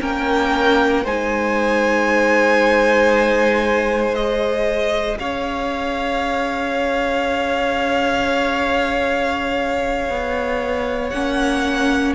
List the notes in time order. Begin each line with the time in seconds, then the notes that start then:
0.00 A#3 C#4 A#4 G5
1.04 G#3 D#4 C5 G#5
4.13 G#4 D#5
5.19 C#4 C#5 F5
10.09 B3
11.10 A#3 C#4 F#5